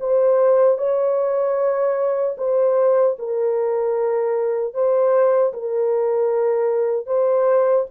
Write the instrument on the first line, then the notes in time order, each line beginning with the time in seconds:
horn
0.00 C5
0.78 C#5
2.38 C5
3.19 A#4
4.74 C5
5.53 A#4
7.07 C5